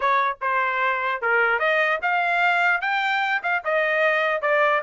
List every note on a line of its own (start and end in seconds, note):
0.00 0.37 C#5
0.41 1.21 C5
1.21 1.59 A#4
1.59 1.99 D#5
2.01 2.81 F5
2.81 3.41 G5
3.42 3.62 F5
3.64 4.41 D#5
4.41 4.81 D5